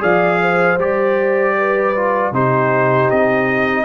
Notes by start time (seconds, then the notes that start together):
0.00 F3 G#4 D5 F5
0.42 C5
0.78 G3 G4 D5
1.58 B4
1.96 F4
2.31 C3 D#4 G4 C5
3.11 C4 D#5